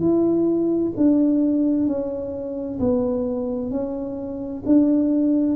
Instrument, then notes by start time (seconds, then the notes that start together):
tuba
0.00 E4
0.97 D4
1.87 C#4
2.79 B3
3.70 C#4
4.66 D4